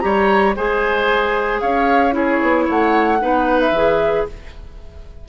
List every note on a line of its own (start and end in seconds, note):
0.00 0.57 G3
0.00 0.55 G4
0.00 0.56 C#5
0.00 0.53 A#5
0.56 1.62 G#3
0.56 2.12 G#4
0.56 1.62 C5
0.56 1.61 G#5
1.61 2.41 C#4
1.61 2.15 C#5
1.61 2.14 F5
2.12 3.18 E4
2.12 2.65 G#4
2.12 2.69 C#5
2.41 2.68 B3
2.65 3.22 A3
2.65 3.18 C#5
2.65 3.60 F#5
3.20 3.71 B3
3.20 3.74 D#4
3.20 4.28 B4
3.60 4.27 E5
3.71 4.24 E3
3.71 4.29 G#4